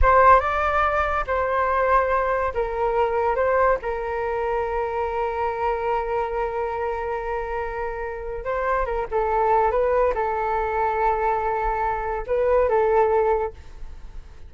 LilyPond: \new Staff \with { instrumentName = "flute" } { \time 4/4 \tempo 4 = 142 c''4 d''2 c''4~ | c''2 ais'2 | c''4 ais'2.~ | ais'1~ |
ais'1 | c''4 ais'8 a'4. b'4 | a'1~ | a'4 b'4 a'2 | }